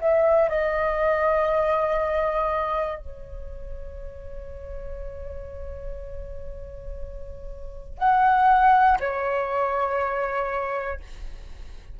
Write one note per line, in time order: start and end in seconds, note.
0.00 0.50 E5
0.50 2.98 D#5
2.98 7.98 C#5
7.99 8.99 F#5
9.00 11.00 C#5